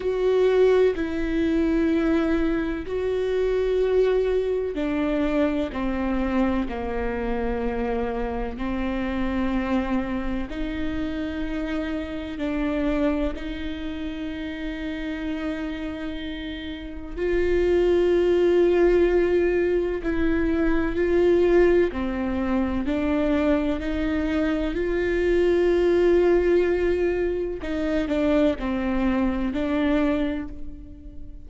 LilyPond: \new Staff \with { instrumentName = "viola" } { \time 4/4 \tempo 4 = 63 fis'4 e'2 fis'4~ | fis'4 d'4 c'4 ais4~ | ais4 c'2 dis'4~ | dis'4 d'4 dis'2~ |
dis'2 f'2~ | f'4 e'4 f'4 c'4 | d'4 dis'4 f'2~ | f'4 dis'8 d'8 c'4 d'4 | }